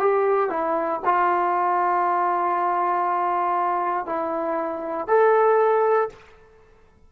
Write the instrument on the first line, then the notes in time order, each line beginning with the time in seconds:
trombone
0.00 G4
0.50 E4
1.05 F4
4.07 E4
5.08 A4